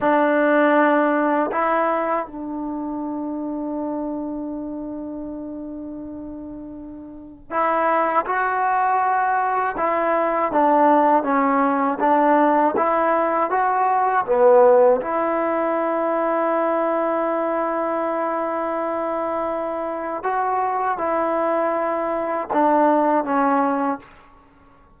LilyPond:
\new Staff \with { instrumentName = "trombone" } { \time 4/4 \tempo 4 = 80 d'2 e'4 d'4~ | d'1~ | d'2 e'4 fis'4~ | fis'4 e'4 d'4 cis'4 |
d'4 e'4 fis'4 b4 | e'1~ | e'2. fis'4 | e'2 d'4 cis'4 | }